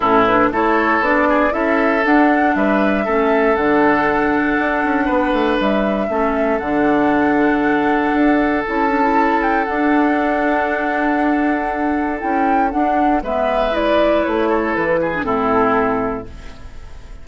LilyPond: <<
  \new Staff \with { instrumentName = "flute" } { \time 4/4 \tempo 4 = 118 a'8 b'8 cis''4 d''4 e''4 | fis''4 e''2 fis''4~ | fis''2. e''4~ | e''4 fis''2.~ |
fis''4 a''4. g''8 fis''4~ | fis''1 | g''4 fis''4 e''4 d''4 | cis''4 b'4 a'2 | }
  \new Staff \with { instrumentName = "oboe" } { \time 4/4 e'4 a'4. gis'8 a'4~ | a'4 b'4 a'2~ | a'2 b'2 | a'1~ |
a'1~ | a'1~ | a'2 b'2~ | b'8 a'4 gis'8 e'2 | }
  \new Staff \with { instrumentName = "clarinet" } { \time 4/4 cis'8 d'8 e'4 d'4 e'4 | d'2 cis'4 d'4~ | d'1 | cis'4 d'2.~ |
d'4 e'8 d'16 e'4~ e'16 d'4~ | d'1 | e'4 d'4 b4 e'4~ | e'4.~ e'16 d'16 c'2 | }
  \new Staff \with { instrumentName = "bassoon" } { \time 4/4 a,4 a4 b4 cis'4 | d'4 g4 a4 d4~ | d4 d'8 cis'8 b8 a8 g4 | a4 d2. |
d'4 cis'2 d'4~ | d'1 | cis'4 d'4 gis2 | a4 e4 a,2 | }
>>